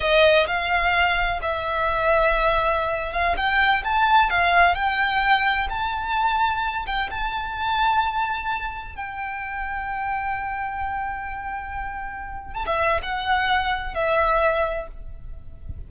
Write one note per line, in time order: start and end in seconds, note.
0.00 0.46 D#5
0.46 1.39 F5
1.42 3.12 E5
3.12 3.35 F5
3.36 3.83 G5
3.84 4.30 A5
4.30 4.74 F5
4.74 5.67 G5
5.69 6.85 A5
6.86 7.09 G5
7.10 8.95 A5
8.95 12.53 G5
12.53 12.65 A5
12.66 13.00 E5
13.02 13.94 F#5
13.94 14.87 E5